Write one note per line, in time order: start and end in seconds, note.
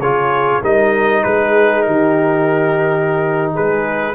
0.00 0.61 C#3
0.00 0.64 F4
0.00 0.62 G#4
0.00 0.62 C#5
0.62 1.25 G3
0.62 4.15 D#4
0.62 1.23 A#4
0.62 1.24 D#5
1.24 1.87 G#3
1.24 1.86 G#4
1.24 1.83 B4
1.83 3.55 D#3
1.83 3.53 G4
1.83 3.51 A#4
3.53 4.15 G#3
3.53 4.14 G#4
3.53 4.15 B4